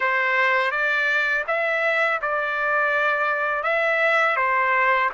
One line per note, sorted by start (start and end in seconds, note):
0.00 0.71 C5
0.71 1.44 D5
1.47 2.20 E5
2.21 3.63 D5
3.63 4.36 E5
4.36 5.09 C5